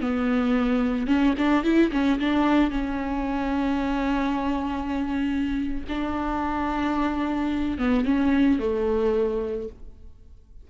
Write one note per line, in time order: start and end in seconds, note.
0.00 1.06 B3
1.06 1.34 C#4
1.37 1.63 D4
1.63 1.91 E4
1.91 2.19 C#4
2.19 2.70 D4
2.70 5.84 C#4
5.88 7.78 D4
7.78 8.05 B3
8.05 8.59 C#4
8.59 9.68 A3